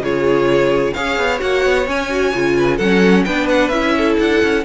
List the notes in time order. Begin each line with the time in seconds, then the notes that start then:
0.00 C#3 F4 G#4 C#5
0.93 C#4 G#4 C#5 F5
1.18 B3
1.39 A#3 F#4 F#5
1.65 B3
1.87 C#4 G#5
2.10 F#4
2.34 C#3 F4
2.57 B4
2.77 F#3 C#4 A4 F#5
3.25 B3 D4 B4 G5
3.49 F#5
3.69 C#4 E4 E5
3.97 A4
4.19 D4 F#5
4.43 C#4